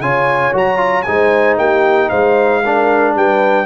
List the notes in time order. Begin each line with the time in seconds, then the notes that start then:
0.00 C#3 F4 C#5 G#5
0.53 F#3 F#4 A#5
0.77 F4
1.03 G#3 D#4 C5 G#5
1.58 A#3 G4 G5
2.10 G#3 C5 F5
2.62 D4 A#4
3.15 G3 B4 G5